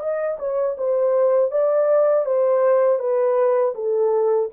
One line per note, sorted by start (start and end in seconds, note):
0.00 0.38 D#5
0.39 0.76 C#5
0.78 1.52 C5
1.52 2.26 D5
2.26 2.99 C5
2.99 3.74 B4
3.75 4.50 A4